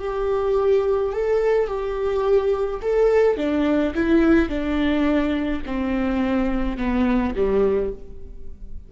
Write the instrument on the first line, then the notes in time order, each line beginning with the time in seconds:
viola
0.00 G4
1.13 A4
1.68 G4
2.83 A4
3.38 D4
3.95 E4
4.49 D4
5.66 C4
6.78 B3
7.36 G3